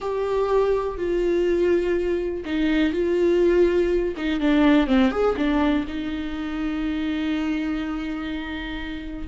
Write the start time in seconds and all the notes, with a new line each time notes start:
0.00 G4
0.97 F4
2.45 D#4
2.92 F4
4.16 D#4
4.40 D4
4.86 C4
5.11 G#4
5.36 D4
5.87 D#4